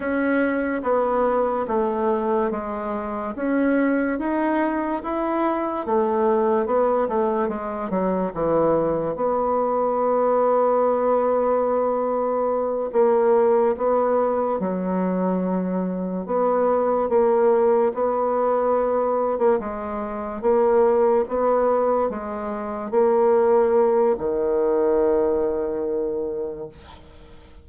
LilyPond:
\new Staff \with { instrumentName = "bassoon" } { \time 4/4 \tempo 4 = 72 cis'4 b4 a4 gis4 | cis'4 dis'4 e'4 a4 | b8 a8 gis8 fis8 e4 b4~ | b2.~ b8 ais8~ |
ais8 b4 fis2 b8~ | b8 ais4 b4.~ b16 ais16 gis8~ | gis8 ais4 b4 gis4 ais8~ | ais4 dis2. | }